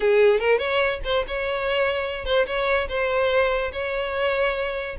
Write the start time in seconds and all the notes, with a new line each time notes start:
0.00 G#4
0.39 A#4
0.58 C#5
1.04 C5
1.27 C#5
2.25 C5
2.46 C#5
2.89 C5
3.72 C#5